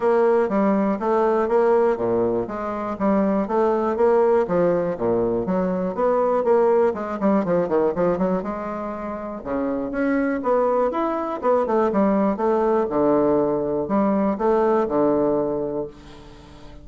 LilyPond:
\new Staff \with { instrumentName = "bassoon" } { \time 4/4 \tempo 4 = 121 ais4 g4 a4 ais4 | ais,4 gis4 g4 a4 | ais4 f4 ais,4 fis4 | b4 ais4 gis8 g8 f8 dis8 |
f8 fis8 gis2 cis4 | cis'4 b4 e'4 b8 a8 | g4 a4 d2 | g4 a4 d2 | }